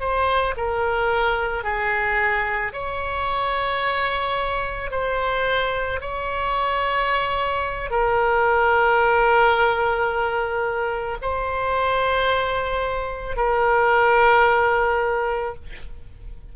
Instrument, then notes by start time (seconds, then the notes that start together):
oboe
0.00 C5
0.57 A#4
1.64 G#4
2.73 C#5
4.91 C5
6.01 C#5
7.90 A#4
11.22 C5
13.37 A#4